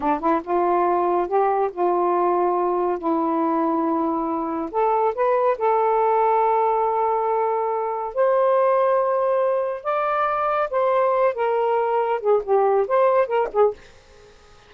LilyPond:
\new Staff \with { instrumentName = "saxophone" } { \time 4/4 \tempo 4 = 140 d'8 e'8 f'2 g'4 | f'2. e'4~ | e'2. a'4 | b'4 a'2.~ |
a'2. c''4~ | c''2. d''4~ | d''4 c''4. ais'4.~ | ais'8 gis'8 g'4 c''4 ais'8 gis'8 | }